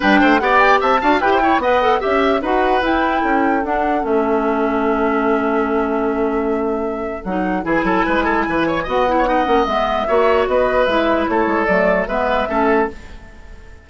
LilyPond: <<
  \new Staff \with { instrumentName = "flute" } { \time 4/4 \tempo 4 = 149 g''4 fis''8 g''8 a''4 g''4 | fis''4 e''4 fis''4 g''4~ | g''4 fis''4 e''2~ | e''1~ |
e''2 fis''4 gis''4~ | gis''2 fis''2 | e''2 dis''4 e''4 | cis''4 d''4 e''2 | }
  \new Staff \with { instrumentName = "oboe" } { \time 4/4 b'8 c''8 d''4 e''8 f''8 b'16 c''16 cis''8 | dis''4 e''4 b'2 | a'1~ | a'1~ |
a'2. gis'8 a'8 | b'8 a'8 b'8 cis''8 dis''8. cis''16 dis''4~ | dis''4 cis''4 b'2 | a'2 b'4 a'4 | }
  \new Staff \with { instrumentName = "clarinet" } { \time 4/4 d'4 g'4. fis'8 g'8 e'8 | b'8 a'8 g'4 fis'4 e'4~ | e'4 d'4 cis'2~ | cis'1~ |
cis'2 dis'4 e'4~ | e'2 fis'8 e'8 dis'8 cis'8 | b4 fis'2 e'4~ | e'4 a4 b4 cis'4 | }
  \new Staff \with { instrumentName = "bassoon" } { \time 4/4 g8 a8 b4 c'8 d'8 e'4 | b4 cis'4 dis'4 e'4 | cis'4 d'4 a2~ | a1~ |
a2 fis4 e8 fis8 | gis4 e4 b4. ais8 | gis4 ais4 b4 gis4 | a8 gis8 fis4 gis4 a4 | }
>>